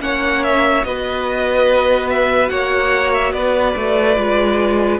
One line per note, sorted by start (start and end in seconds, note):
0.00 0.83 A#3
0.00 0.84 C#4
0.00 0.87 C#5
0.00 0.44 F#5
0.44 0.84 E5
0.84 2.51 B3
0.84 4.16 F#4
0.84 2.52 B4
0.84 2.09 D#5
2.10 2.49 E5
2.49 3.33 A#3
2.49 3.34 C#5
2.49 3.12 F#5
3.14 3.33 E5
3.33 3.75 B3
3.33 5.00 B4
3.33 5.00 D5
3.77 4.18 A3
4.16 5.00 G#3
4.16 5.00 F4